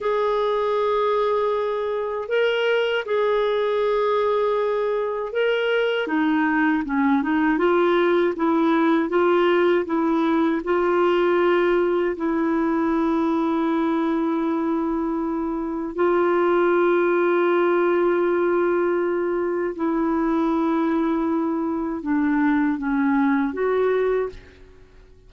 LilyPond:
\new Staff \with { instrumentName = "clarinet" } { \time 4/4 \tempo 4 = 79 gis'2. ais'4 | gis'2. ais'4 | dis'4 cis'8 dis'8 f'4 e'4 | f'4 e'4 f'2 |
e'1~ | e'4 f'2.~ | f'2 e'2~ | e'4 d'4 cis'4 fis'4 | }